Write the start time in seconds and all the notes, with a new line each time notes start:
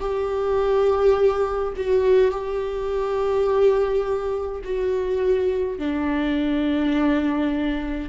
0.00 G4
1.76 F#4
2.31 G4
4.64 F#4
5.78 D4